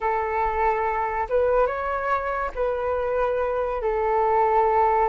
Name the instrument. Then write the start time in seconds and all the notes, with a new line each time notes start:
flute
0.00 A4
1.29 B4
1.66 C#5
2.55 B4
3.82 A4